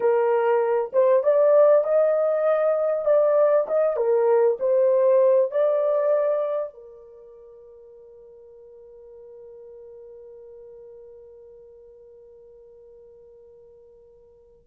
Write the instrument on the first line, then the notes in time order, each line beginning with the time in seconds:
horn
0.00 A#4
0.92 C5
1.23 D5
1.84 D#5
3.05 D5
3.67 D#5
3.96 A#4
4.59 C5
5.51 D5
6.73 A#4